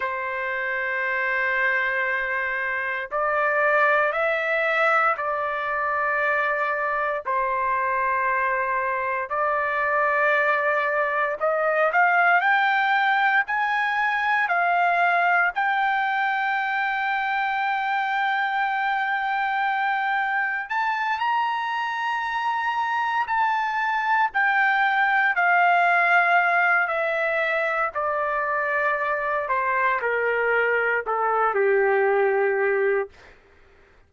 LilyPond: \new Staff \with { instrumentName = "trumpet" } { \time 4/4 \tempo 4 = 58 c''2. d''4 | e''4 d''2 c''4~ | c''4 d''2 dis''8 f''8 | g''4 gis''4 f''4 g''4~ |
g''1 | a''8 ais''2 a''4 g''8~ | g''8 f''4. e''4 d''4~ | d''8 c''8 ais'4 a'8 g'4. | }